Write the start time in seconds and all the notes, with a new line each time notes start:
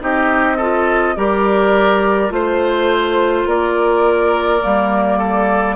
0.00 C4 D#4 G4 D#5
0.57 F4 A4
1.16 G3 G4 A#4 D5
2.30 A3 F4 C5
3.46 A#3 A#4 D5
4.62 G3 A#3
5.18 A4